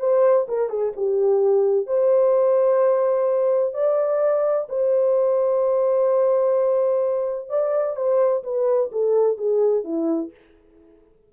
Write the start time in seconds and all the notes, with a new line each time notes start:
0.00 C5
0.49 A#4
0.70 G#4
0.97 G4
1.87 C5
3.74 D5
4.70 C5
7.50 D5
7.96 C5
8.44 B4
8.93 A4
9.38 G#4
9.85 E4